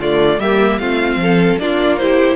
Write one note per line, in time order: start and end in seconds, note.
0.00 0.39 D3
0.00 0.41 A3
0.00 0.40 F4
0.00 0.40 D5
0.39 0.79 G3
0.39 0.80 A#3
0.39 0.80 G4
0.39 0.79 E5
0.79 1.16 A3
0.79 1.59 C4
0.79 1.21 F4
0.79 1.59 F5
1.16 1.56 F3
1.16 1.62 A4
1.58 2.36 A#3
1.58 1.99 D4
1.58 2.01 F4
1.58 1.97 D5
1.97 2.36 E4
1.97 2.36 G4
1.97 2.36 C5